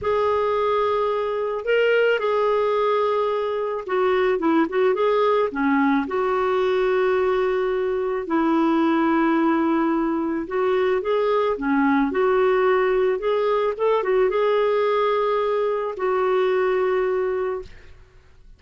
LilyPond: \new Staff \with { instrumentName = "clarinet" } { \time 4/4 \tempo 4 = 109 gis'2. ais'4 | gis'2. fis'4 | e'8 fis'8 gis'4 cis'4 fis'4~ | fis'2. e'4~ |
e'2. fis'4 | gis'4 cis'4 fis'2 | gis'4 a'8 fis'8 gis'2~ | gis'4 fis'2. | }